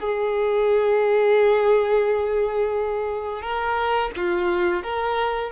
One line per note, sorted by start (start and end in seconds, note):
0.00 3.42 G#4
3.42 4.11 A#4
4.17 4.83 F4
4.83 5.52 A#4